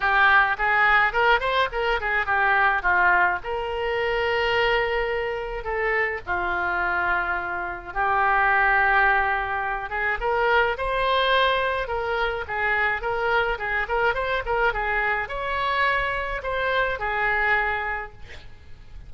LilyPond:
\new Staff \with { instrumentName = "oboe" } { \time 4/4 \tempo 4 = 106 g'4 gis'4 ais'8 c''8 ais'8 gis'8 | g'4 f'4 ais'2~ | ais'2 a'4 f'4~ | f'2 g'2~ |
g'4. gis'8 ais'4 c''4~ | c''4 ais'4 gis'4 ais'4 | gis'8 ais'8 c''8 ais'8 gis'4 cis''4~ | cis''4 c''4 gis'2 | }